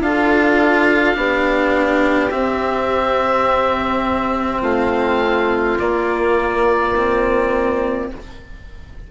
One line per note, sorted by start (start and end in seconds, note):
0.00 1.15 D4
0.00 1.14 F4
0.00 1.18 A4
0.00 2.31 F5
1.14 2.32 B3
1.14 2.30 D4
1.14 4.61 G4
2.31 5.77 C4
2.31 4.62 C4
2.31 4.62 E5
4.61 5.78 A3
4.61 8.07 F4
4.61 5.79 F5
5.79 8.11 A#3
5.79 6.96 A#3
5.79 8.10 D5
6.96 8.12 C4